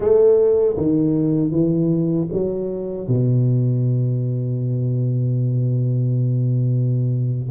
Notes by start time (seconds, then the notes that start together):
0.00 A3
0.76 D#3
1.51 E3
2.32 F#3
3.07 B2